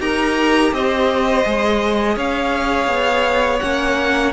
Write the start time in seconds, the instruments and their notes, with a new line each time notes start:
0.00 cello D#4, viola G4, violin A#4 A#5
0.73 cello C4, violin C5 D#5
1.46 cello G#3, viola G#4
2.17 cello C#4, violin C#5 F5
2.88 cello B3
3.60 cello A#3, viola C#4, violin F#5